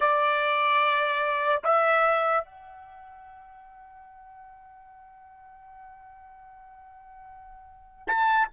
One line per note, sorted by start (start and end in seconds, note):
0.00 1.62 D5
1.63 2.44 E5
2.44 8.07 F#5
8.07 8.48 A5